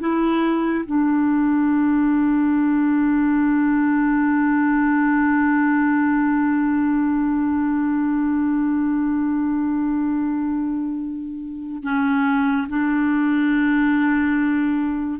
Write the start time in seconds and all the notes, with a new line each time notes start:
0.00 E4
0.86 D4
11.83 C#4
12.68 D4